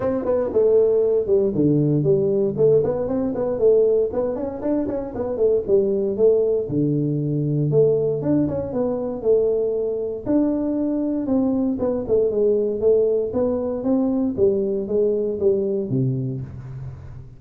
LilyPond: \new Staff \with { instrumentName = "tuba" } { \time 4/4 \tempo 4 = 117 c'8 b8 a4. g8 d4 | g4 a8 b8 c'8 b8 a4 | b8 cis'8 d'8 cis'8 b8 a8 g4 | a4 d2 a4 |
d'8 cis'8 b4 a2 | d'2 c'4 b8 a8 | gis4 a4 b4 c'4 | g4 gis4 g4 c4 | }